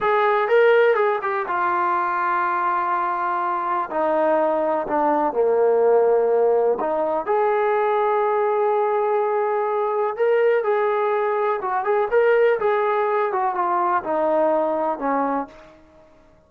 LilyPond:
\new Staff \with { instrumentName = "trombone" } { \time 4/4 \tempo 4 = 124 gis'4 ais'4 gis'8 g'8 f'4~ | f'1 | dis'2 d'4 ais4~ | ais2 dis'4 gis'4~ |
gis'1~ | gis'4 ais'4 gis'2 | fis'8 gis'8 ais'4 gis'4. fis'8 | f'4 dis'2 cis'4 | }